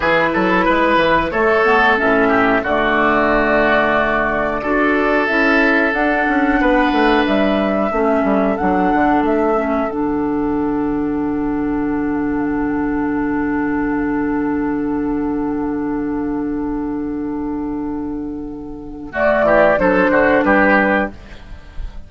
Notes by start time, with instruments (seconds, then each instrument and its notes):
0.00 bassoon E3, clarinet E4, oboe G#4, flute B4
0.33 bassoon F#3, oboe A4
0.65 bassoon G#3, oboe B4
0.96 bassoon E3
1.30 clarinet A3, bassoon A3, oboe A4, flute C#5
1.64 clarinet B3
1.97 bassoon A2, clarinet C#4, flute E5
2.28 oboe G4
2.63 bassoon D3, clarinet A3, oboe F#4, flute D5
4.62 bassoon D4, clarinet F#4, oboe A4
5.27 bassoon C#4, clarinet E4, flute E5
5.92 clarinet D4, bassoon D4, flute F#5
6.27 bassoon C#4
6.60 bassoon B3, oboe B4
6.91 bassoon A3
7.26 bassoon G3, flute E5
7.91 bassoon A3, clarinet C#4, oboe A4
8.23 bassoon G3
8.57 bassoon F#3, clarinet D4, flute F#5
8.93 bassoon D3
9.22 bassoon A3, flute E5
9.55 clarinet C#4
9.88 bassoon D3, clarinet D4, flute F#5
19.12 clarinet A3, oboe F#4, flute D5
19.42 bassoon E3, oboe G4
19.78 bassoon F#3, clarinet D4, oboe A4, flute C5
20.08 bassoon D3, oboe F#4
20.43 bassoon G3, oboe G4, flute B4